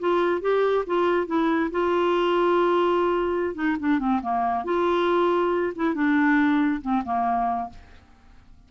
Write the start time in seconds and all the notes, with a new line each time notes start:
0.00 F4
0.42 G4
0.87 F4
1.27 E4
1.72 F4
3.55 D#4
3.80 D4
4.00 C4
4.22 A#3
4.65 F4
5.76 E4
5.95 D4
6.82 C4
7.05 A#3